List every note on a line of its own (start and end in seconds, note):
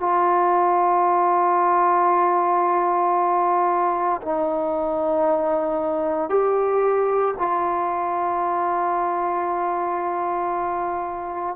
0.00 4.21 F4
4.22 6.30 D#4
6.30 7.35 G4
7.38 11.56 F4